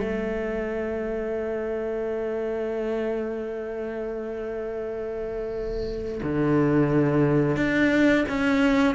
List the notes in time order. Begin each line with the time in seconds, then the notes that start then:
0.00 A3
6.23 D3
7.56 D4
8.29 C#4